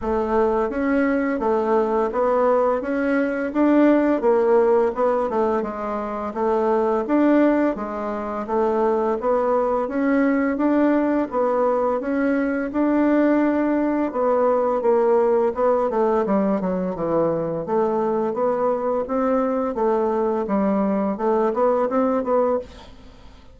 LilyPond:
\new Staff \with { instrumentName = "bassoon" } { \time 4/4 \tempo 4 = 85 a4 cis'4 a4 b4 | cis'4 d'4 ais4 b8 a8 | gis4 a4 d'4 gis4 | a4 b4 cis'4 d'4 |
b4 cis'4 d'2 | b4 ais4 b8 a8 g8 fis8 | e4 a4 b4 c'4 | a4 g4 a8 b8 c'8 b8 | }